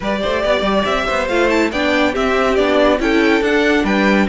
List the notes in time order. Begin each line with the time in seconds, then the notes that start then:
0.00 G3 G4 B4 D5
0.21 A3 C5
0.43 B3 D5
0.61 G3
0.84 C4 E5
1.05 B3 C5
1.28 A3 F4 F5
1.49 E4 A5
1.71 B3 D4 D5 G5
2.12 C4 G4 E5
2.55 B3 D4 D5
2.99 C#4 E4 A4 G5
3.41 D4 F#5
3.83 G3 B4 G5